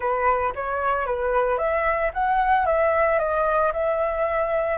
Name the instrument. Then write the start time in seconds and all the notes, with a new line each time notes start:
flute
0.00 B4
0.55 C#5
1.05 B4
1.58 E5
2.13 F#5
2.65 E5
3.19 D#5
3.72 E5